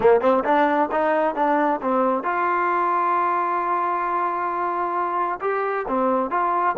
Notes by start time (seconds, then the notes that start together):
0.00 A#3
0.21 C4
0.44 D4
0.91 D#4
1.35 D4
1.81 C4
2.23 F4
5.41 G4
5.87 C4
6.30 F4